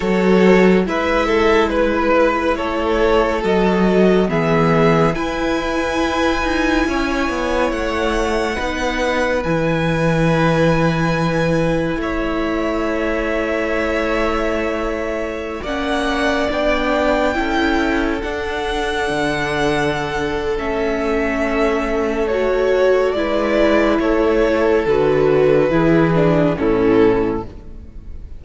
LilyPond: <<
  \new Staff \with { instrumentName = "violin" } { \time 4/4 \tempo 4 = 70 cis''4 e''4 b'4 cis''4 | dis''4 e''4 gis''2~ | gis''4 fis''2 gis''4~ | gis''2 e''2~ |
e''2~ e''16 fis''4 g''8.~ | g''4~ g''16 fis''2~ fis''8. | e''2 cis''4 d''4 | cis''4 b'2 a'4 | }
  \new Staff \with { instrumentName = "violin" } { \time 4/4 a'4 b'8 a'8 b'4 a'4~ | a'4 gis'4 b'2 | cis''2 b'2~ | b'2 cis''2~ |
cis''2~ cis''16 d''4.~ d''16~ | d''16 a'2.~ a'8.~ | a'2. b'4 | a'2 gis'4 e'4 | }
  \new Staff \with { instrumentName = "viola" } { \time 4/4 fis'4 e'2. | fis'4 b4 e'2~ | e'2 dis'4 e'4~ | e'1~ |
e'2~ e'16 cis'4 d'8.~ | d'16 e'4 d'2~ d'8. | cis'2 fis'4 e'4~ | e'4 fis'4 e'8 d'8 cis'4 | }
  \new Staff \with { instrumentName = "cello" } { \time 4/4 fis4 gis2 a4 | fis4 e4 e'4. dis'8 | cis'8 b8 a4 b4 e4~ | e2 a2~ |
a2~ a16 ais4 b8.~ | b16 cis'4 d'4 d4.~ d16 | a2. gis4 | a4 d4 e4 a,4 | }
>>